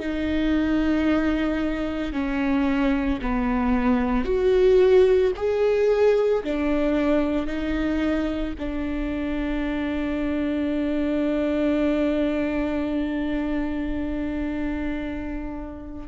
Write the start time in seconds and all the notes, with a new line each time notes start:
0.00 D#4
2.13 C#4
3.22 B3
4.25 F#4
5.37 G#4
6.44 D4
7.47 D#4
8.59 D4